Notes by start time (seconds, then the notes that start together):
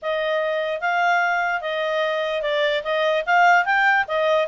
0.02 D#5
0.80 F5
1.61 D#5
2.42 D5
2.83 D#5
3.26 F5
3.65 G5
4.07 D#5